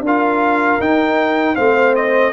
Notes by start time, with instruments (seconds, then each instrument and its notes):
0.00 tuba D4, horn A#4
0.06 trombone F4, trumpet F5
0.80 tuba D#4, trombone D#4, trumpet G5
1.54 tuba A3, trombone C4, horn C5, trumpet F5
1.95 trumpet D#5